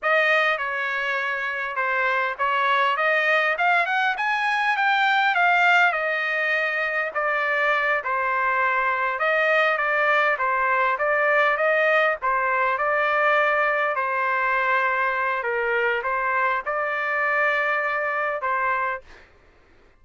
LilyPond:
\new Staff \with { instrumentName = "trumpet" } { \time 4/4 \tempo 4 = 101 dis''4 cis''2 c''4 | cis''4 dis''4 f''8 fis''8 gis''4 | g''4 f''4 dis''2 | d''4. c''2 dis''8~ |
dis''8 d''4 c''4 d''4 dis''8~ | dis''8 c''4 d''2 c''8~ | c''2 ais'4 c''4 | d''2. c''4 | }